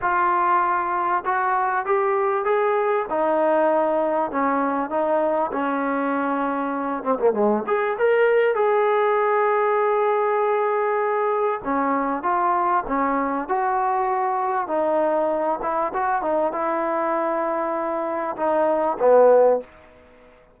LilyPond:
\new Staff \with { instrumentName = "trombone" } { \time 4/4 \tempo 4 = 98 f'2 fis'4 g'4 | gis'4 dis'2 cis'4 | dis'4 cis'2~ cis'8 c'16 ais16 | gis8 gis'8 ais'4 gis'2~ |
gis'2. cis'4 | f'4 cis'4 fis'2 | dis'4. e'8 fis'8 dis'8 e'4~ | e'2 dis'4 b4 | }